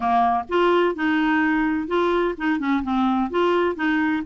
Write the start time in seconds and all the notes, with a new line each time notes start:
0.00 A#3
0.49 F4
0.95 D#4
1.87 F4
2.37 D#4
2.59 C#4
2.83 C4
3.30 F4
3.75 D#4